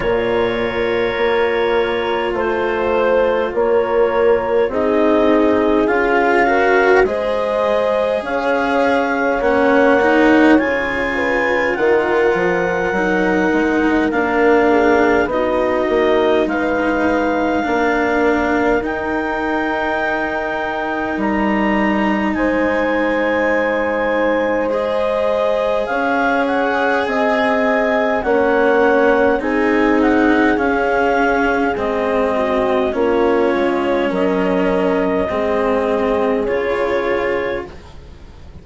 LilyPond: <<
  \new Staff \with { instrumentName = "clarinet" } { \time 4/4 \tempo 4 = 51 cis''2 c''4 cis''4 | dis''4 f''4 dis''4 f''4 | fis''4 gis''4 fis''2 | f''4 dis''4 f''2 |
g''2 ais''4 gis''4~ | gis''4 dis''4 f''8 fis''8 gis''4 | fis''4 gis''8 fis''8 f''4 dis''4 | cis''4 dis''2 cis''4 | }
  \new Staff \with { instrumentName = "horn" } { \time 4/4 ais'2 c''4 ais'4 | gis'4. ais'8 c''4 cis''4~ | cis''4. b'8 ais'2~ | ais'8 gis'8 fis'4 b'4 ais'4~ |
ais'2. c''4~ | c''2 cis''4 dis''4 | cis''4 gis'2~ gis'8 fis'8 | f'4 ais'4 gis'2 | }
  \new Staff \with { instrumentName = "cello" } { \time 4/4 f'1 | dis'4 f'8 fis'8 gis'2 | cis'8 dis'8 f'2 dis'4 | d'4 dis'2 d'4 |
dis'1~ | dis'4 gis'2. | cis'4 dis'4 cis'4 c'4 | cis'2 c'4 f'4 | }
  \new Staff \with { instrumentName = "bassoon" } { \time 4/4 ais,4 ais4 a4 ais4 | c'4 cis'4 gis4 cis'4 | ais4 cis4 dis8 f8 fis8 gis8 | ais4 b8 ais8 gis4 ais4 |
dis'2 g4 gis4~ | gis2 cis'4 c'4 | ais4 c'4 cis'4 gis4 | ais8 gis8 fis4 gis4 cis4 | }
>>